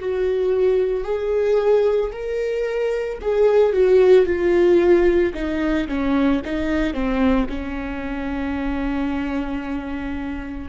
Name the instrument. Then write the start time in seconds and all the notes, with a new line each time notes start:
viola
0.00 F#4
1.04 G#4
2.12 A#4
3.21 G#4
3.74 F#4
4.27 F4
5.35 D#4
5.89 C#4
6.45 D#4
6.94 C4
7.49 C#4